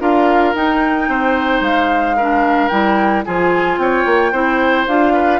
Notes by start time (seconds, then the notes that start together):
0.00 D4 F4 A#4 F5
0.54 D#4 G5
1.08 C4 C5
1.61 G#3 F5
2.17 D4 A#4
2.69 G3 E4 G5
3.25 F3 F4 G#4 G#5
3.78 C4 C#5 G5
4.06 A#3
4.32 C4 E4 C5
4.87 D4 F4 F5
5.13 B4